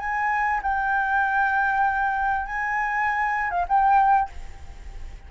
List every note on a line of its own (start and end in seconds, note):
0.00 0.61 G#5
0.63 2.47 G5
2.47 3.51 G#5
3.51 3.66 F5
3.69 4.30 G5